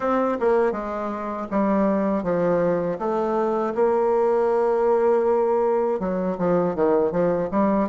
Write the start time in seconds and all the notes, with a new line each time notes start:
0.00 C4
0.40 A#3
0.72 G#3
1.50 G3
2.23 F3
2.98 A3
3.74 A#3
5.99 F#3
6.38 F3
6.75 D#3
7.11 F3
7.51 G3